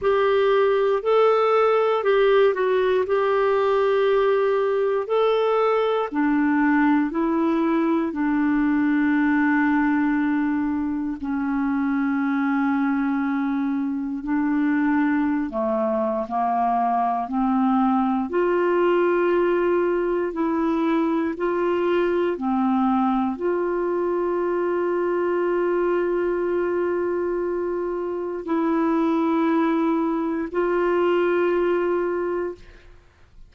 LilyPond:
\new Staff \with { instrumentName = "clarinet" } { \time 4/4 \tempo 4 = 59 g'4 a'4 g'8 fis'8 g'4~ | g'4 a'4 d'4 e'4 | d'2. cis'4~ | cis'2 d'4~ d'16 a8. |
ais4 c'4 f'2 | e'4 f'4 c'4 f'4~ | f'1 | e'2 f'2 | }